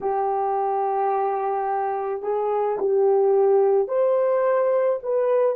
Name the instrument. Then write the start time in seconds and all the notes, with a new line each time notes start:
horn
0.00 G4
2.22 G#4
2.79 G4
3.87 C5
5.03 B4